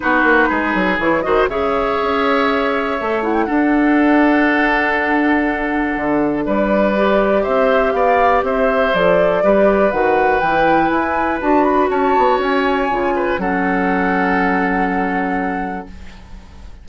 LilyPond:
<<
  \new Staff \with { instrumentName = "flute" } { \time 4/4 \tempo 4 = 121 b'2 cis''8 dis''8 e''4~ | e''2~ e''8 fis''16 g''16 fis''4~ | fis''1~ | fis''4 d''2 e''4 |
f''4 e''4 d''2 | fis''4 g''4 gis''4 a''8 b''8 | a''4 gis''2 fis''4~ | fis''1 | }
  \new Staff \with { instrumentName = "oboe" } { \time 4/4 fis'4 gis'4. c''8 cis''4~ | cis''2. a'4~ | a'1~ | a'4 b'2 c''4 |
d''4 c''2 b'4~ | b'1 | cis''2~ cis''8 b'8 a'4~ | a'1 | }
  \new Staff \with { instrumentName = "clarinet" } { \time 4/4 dis'2 e'8 fis'8 gis'4~ | gis'2 a'8 e'8 d'4~ | d'1~ | d'2 g'2~ |
g'2 a'4 g'4 | fis'4 e'2 fis'4~ | fis'2 f'4 cis'4~ | cis'1 | }
  \new Staff \with { instrumentName = "bassoon" } { \time 4/4 b8 ais8 gis8 fis8 e8 dis8 cis4 | cis'2 a4 d'4~ | d'1 | d4 g2 c'4 |
b4 c'4 f4 g4 | dis4 e4 e'4 d'4 | cis'8 b8 cis'4 cis4 fis4~ | fis1 | }
>>